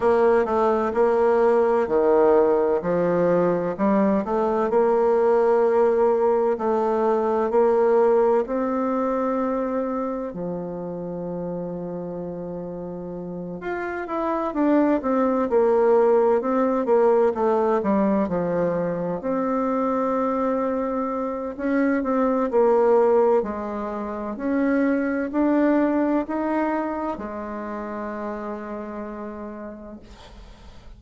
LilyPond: \new Staff \with { instrumentName = "bassoon" } { \time 4/4 \tempo 4 = 64 ais8 a8 ais4 dis4 f4 | g8 a8 ais2 a4 | ais4 c'2 f4~ | f2~ f8 f'8 e'8 d'8 |
c'8 ais4 c'8 ais8 a8 g8 f8~ | f8 c'2~ c'8 cis'8 c'8 | ais4 gis4 cis'4 d'4 | dis'4 gis2. | }